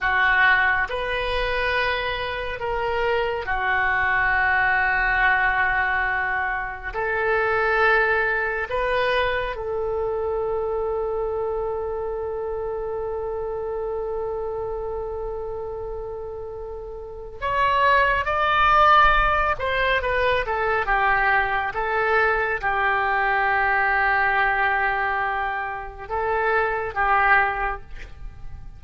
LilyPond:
\new Staff \with { instrumentName = "oboe" } { \time 4/4 \tempo 4 = 69 fis'4 b'2 ais'4 | fis'1 | a'2 b'4 a'4~ | a'1~ |
a'1 | cis''4 d''4. c''8 b'8 a'8 | g'4 a'4 g'2~ | g'2 a'4 g'4 | }